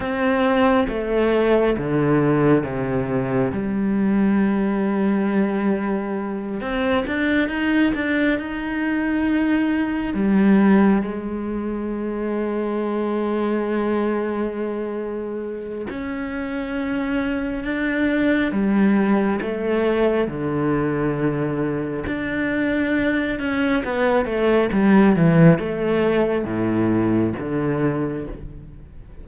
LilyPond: \new Staff \with { instrumentName = "cello" } { \time 4/4 \tempo 4 = 68 c'4 a4 d4 c4 | g2.~ g8 c'8 | d'8 dis'8 d'8 dis'2 g8~ | g8 gis2.~ gis8~ |
gis2 cis'2 | d'4 g4 a4 d4~ | d4 d'4. cis'8 b8 a8 | g8 e8 a4 a,4 d4 | }